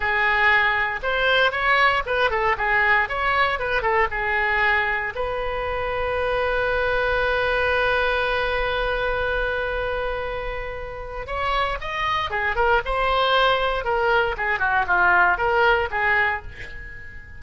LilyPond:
\new Staff \with { instrumentName = "oboe" } { \time 4/4 \tempo 4 = 117 gis'2 c''4 cis''4 | b'8 a'8 gis'4 cis''4 b'8 a'8 | gis'2 b'2~ | b'1~ |
b'1~ | b'2 cis''4 dis''4 | gis'8 ais'8 c''2 ais'4 | gis'8 fis'8 f'4 ais'4 gis'4 | }